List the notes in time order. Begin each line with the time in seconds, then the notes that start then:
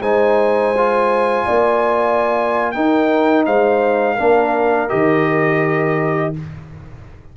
0.00 G#3 D#4 C5 G#5
0.77 F4
1.45 A#3 D5
2.72 D#4 A#4 G5
3.45 G#3 C5 F5
4.15 A#3 D4 A#4
4.89 D#3 G4 D#5